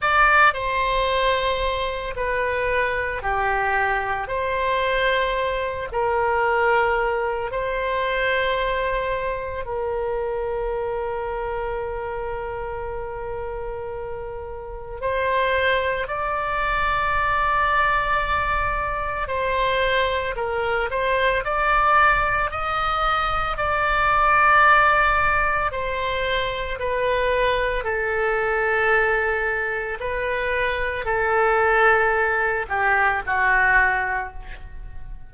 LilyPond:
\new Staff \with { instrumentName = "oboe" } { \time 4/4 \tempo 4 = 56 d''8 c''4. b'4 g'4 | c''4. ais'4. c''4~ | c''4 ais'2.~ | ais'2 c''4 d''4~ |
d''2 c''4 ais'8 c''8 | d''4 dis''4 d''2 | c''4 b'4 a'2 | b'4 a'4. g'8 fis'4 | }